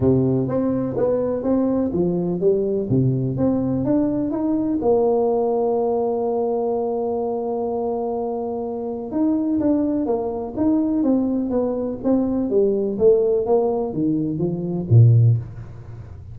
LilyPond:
\new Staff \with { instrumentName = "tuba" } { \time 4/4 \tempo 4 = 125 c4 c'4 b4 c'4 | f4 g4 c4 c'4 | d'4 dis'4 ais2~ | ais1~ |
ais2. dis'4 | d'4 ais4 dis'4 c'4 | b4 c'4 g4 a4 | ais4 dis4 f4 ais,4 | }